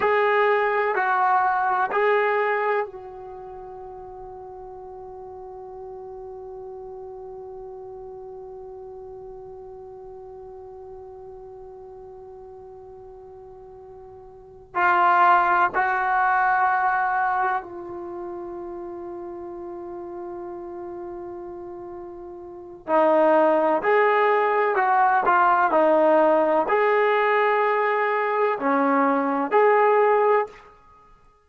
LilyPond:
\new Staff \with { instrumentName = "trombone" } { \time 4/4 \tempo 4 = 63 gis'4 fis'4 gis'4 fis'4~ | fis'1~ | fis'1~ | fis'2.~ fis'8 f'8~ |
f'8 fis'2 f'4.~ | f'1 | dis'4 gis'4 fis'8 f'8 dis'4 | gis'2 cis'4 gis'4 | }